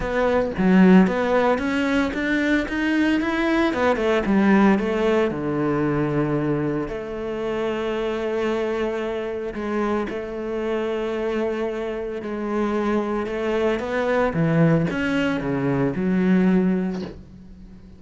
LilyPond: \new Staff \with { instrumentName = "cello" } { \time 4/4 \tempo 4 = 113 b4 fis4 b4 cis'4 | d'4 dis'4 e'4 b8 a8 | g4 a4 d2~ | d4 a2.~ |
a2 gis4 a4~ | a2. gis4~ | gis4 a4 b4 e4 | cis'4 cis4 fis2 | }